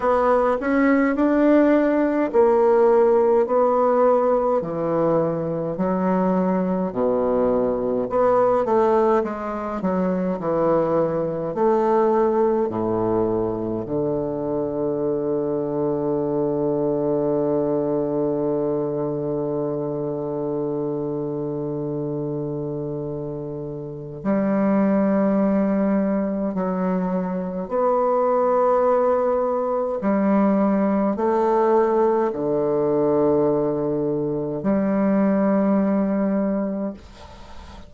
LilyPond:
\new Staff \with { instrumentName = "bassoon" } { \time 4/4 \tempo 4 = 52 b8 cis'8 d'4 ais4 b4 | e4 fis4 b,4 b8 a8 | gis8 fis8 e4 a4 a,4 | d1~ |
d1~ | d4 g2 fis4 | b2 g4 a4 | d2 g2 | }